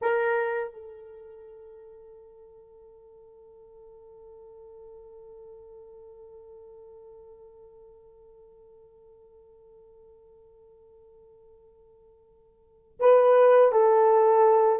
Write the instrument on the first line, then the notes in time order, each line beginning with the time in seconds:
horn
0.01 A#4
0.73 A4
12.99 B4
13.72 A4